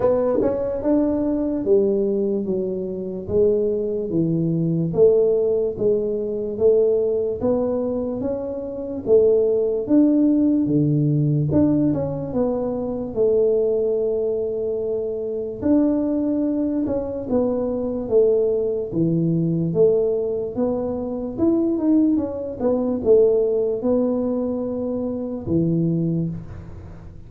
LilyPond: \new Staff \with { instrumentName = "tuba" } { \time 4/4 \tempo 4 = 73 b8 cis'8 d'4 g4 fis4 | gis4 e4 a4 gis4 | a4 b4 cis'4 a4 | d'4 d4 d'8 cis'8 b4 |
a2. d'4~ | d'8 cis'8 b4 a4 e4 | a4 b4 e'8 dis'8 cis'8 b8 | a4 b2 e4 | }